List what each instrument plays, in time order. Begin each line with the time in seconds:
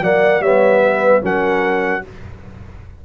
0.00 tuba F#3, trombone A#3, horn D5, trumpet F#5
0.40 tuba G3, trombone B3, horn C#5, trumpet E5
0.83 horn B4
1.22 tuba F#3, trombone C#4, horn A#4, trumpet F#5